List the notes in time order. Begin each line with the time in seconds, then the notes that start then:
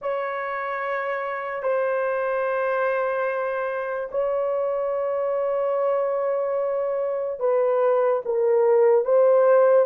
0.01 C#5
1.62 C5
4.11 C#5
7.39 B4
8.25 A#4
9.04 C5